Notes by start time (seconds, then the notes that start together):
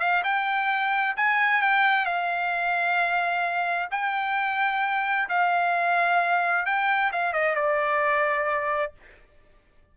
0.00 F5
0.24 G5
1.17 G#5
1.62 G5
2.06 F5
3.91 G5
5.29 F5
6.66 G5
7.12 F5
7.33 D#5
7.56 D5